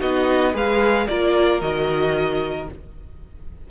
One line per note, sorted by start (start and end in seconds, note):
0.00 0.54 B3
0.00 0.53 D#4
0.00 0.54 F#4
0.00 0.54 D#5
0.53 1.08 G#3
0.53 1.07 G#4
0.53 1.07 B4
0.53 1.07 F5
1.07 1.61 A#3
1.07 1.61 F4
1.07 2.71 A#4
1.07 1.61 D5
1.61 2.68 D#3
1.61 2.69 F#4
1.61 2.69 D#5